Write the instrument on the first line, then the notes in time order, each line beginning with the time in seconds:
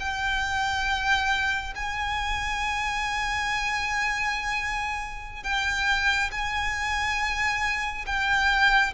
violin
0.00 G5
1.75 G#5
5.43 G5
6.32 G#5
8.07 G5